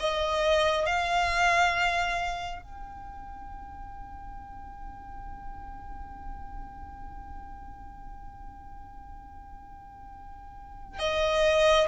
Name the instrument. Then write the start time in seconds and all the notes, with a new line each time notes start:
violin
0.00 D#5
0.86 F5
2.63 G5
11.00 D#5